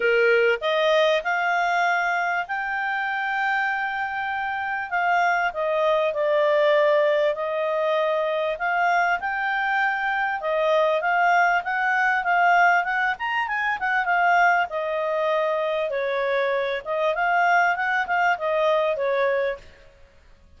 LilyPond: \new Staff \with { instrumentName = "clarinet" } { \time 4/4 \tempo 4 = 98 ais'4 dis''4 f''2 | g''1 | f''4 dis''4 d''2 | dis''2 f''4 g''4~ |
g''4 dis''4 f''4 fis''4 | f''4 fis''8 ais''8 gis''8 fis''8 f''4 | dis''2 cis''4. dis''8 | f''4 fis''8 f''8 dis''4 cis''4 | }